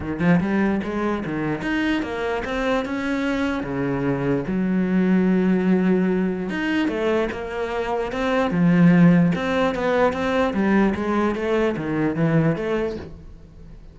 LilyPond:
\new Staff \with { instrumentName = "cello" } { \time 4/4 \tempo 4 = 148 dis8 f8 g4 gis4 dis4 | dis'4 ais4 c'4 cis'4~ | cis'4 cis2 fis4~ | fis1 |
dis'4 a4 ais2 | c'4 f2 c'4 | b4 c'4 g4 gis4 | a4 dis4 e4 a4 | }